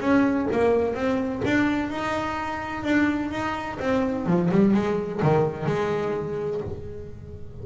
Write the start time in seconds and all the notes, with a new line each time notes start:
0.00 C#4
0.51 A#3
0.94 C4
1.45 D4
1.89 D#4
2.83 D4
3.31 D#4
3.79 C4
4.26 F3
4.51 G3
4.74 G#3
5.22 D#3
5.66 G#3